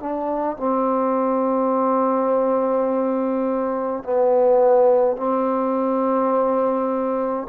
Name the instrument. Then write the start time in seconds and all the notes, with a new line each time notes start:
trombone
0.00 D4
0.57 C4
4.03 B3
5.17 C4